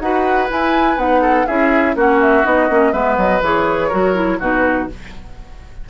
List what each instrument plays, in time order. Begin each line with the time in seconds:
0.00 bassoon D#4, clarinet F#4, oboe B4, flute F#5
0.48 clarinet E4, bassoon E4, flute G#5
0.97 bassoon B3, clarinet D#4, flute F#5
1.21 oboe A4
1.46 bassoon C#4, clarinet E4, oboe G#4, flute E5
1.95 bassoon A#3, clarinet C#4, oboe F#4, flute F#5
2.21 flute E5
2.44 bassoon B3, clarinet D#4, flute D#5
2.70 bassoon A#3, clarinet C#4
2.92 bassoon G#3, clarinet B3, oboe B4, flute E5
3.17 bassoon F#3, flute D#5
3.42 bassoon E3, clarinet G#4, flute C#5
3.88 bassoon F#3, clarinet F#4, oboe A#4
4.15 clarinet E4
4.39 bassoon B2, clarinet D#4, oboe F#4, flute B4